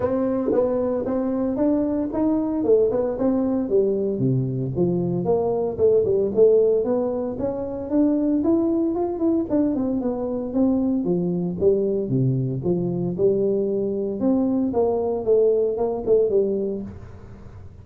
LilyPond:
\new Staff \with { instrumentName = "tuba" } { \time 4/4 \tempo 4 = 114 c'4 b4 c'4 d'4 | dis'4 a8 b8 c'4 g4 | c4 f4 ais4 a8 g8 | a4 b4 cis'4 d'4 |
e'4 f'8 e'8 d'8 c'8 b4 | c'4 f4 g4 c4 | f4 g2 c'4 | ais4 a4 ais8 a8 g4 | }